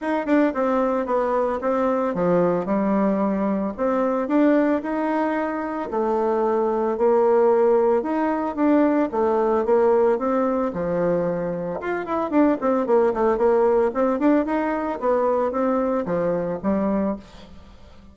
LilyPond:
\new Staff \with { instrumentName = "bassoon" } { \time 4/4 \tempo 4 = 112 dis'8 d'8 c'4 b4 c'4 | f4 g2 c'4 | d'4 dis'2 a4~ | a4 ais2 dis'4 |
d'4 a4 ais4 c'4 | f2 f'8 e'8 d'8 c'8 | ais8 a8 ais4 c'8 d'8 dis'4 | b4 c'4 f4 g4 | }